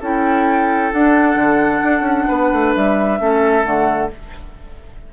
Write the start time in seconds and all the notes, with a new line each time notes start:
0.00 C#4 E4 A4 G5
0.92 D4 F#5
1.35 D3
1.83 D4
2.00 C#4
2.27 B3 B4
2.52 A3
2.75 G3 E5
3.19 A3 C#4 A4
3.63 D3 A3 F#5